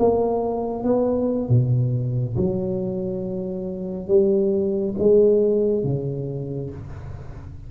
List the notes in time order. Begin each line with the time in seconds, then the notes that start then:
0.00 A#3
0.84 B3
1.49 B2
2.37 F#3
4.08 G3
4.99 G#3
5.84 C#3